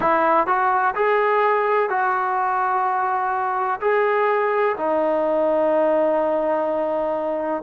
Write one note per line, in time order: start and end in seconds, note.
0.00 0.46 E4
0.46 0.94 F#4
0.95 1.89 G#4
1.89 3.80 F#4
3.80 4.76 G#4
4.77 7.62 D#4